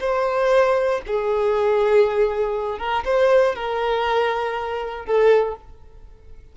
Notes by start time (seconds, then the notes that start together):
0.00 C5
1.07 G#4
2.79 A#4
3.05 C5
3.55 A#4
5.05 A4